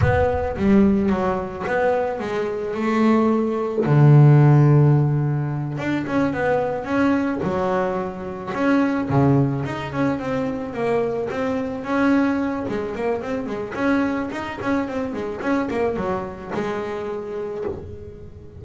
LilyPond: \new Staff \with { instrumentName = "double bass" } { \time 4/4 \tempo 4 = 109 b4 g4 fis4 b4 | gis4 a2 d4~ | d2~ d8 d'8 cis'8 b8~ | b8 cis'4 fis2 cis'8~ |
cis'8 cis4 dis'8 cis'8 c'4 ais8~ | ais8 c'4 cis'4. gis8 ais8 | c'8 gis8 cis'4 dis'8 cis'8 c'8 gis8 | cis'8 ais8 fis4 gis2 | }